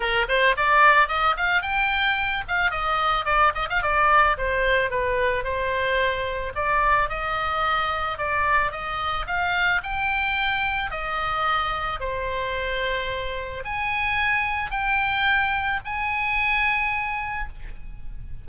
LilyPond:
\new Staff \with { instrumentName = "oboe" } { \time 4/4 \tempo 4 = 110 ais'8 c''8 d''4 dis''8 f''8 g''4~ | g''8 f''8 dis''4 d''8 dis''16 f''16 d''4 | c''4 b'4 c''2 | d''4 dis''2 d''4 |
dis''4 f''4 g''2 | dis''2 c''2~ | c''4 gis''2 g''4~ | g''4 gis''2. | }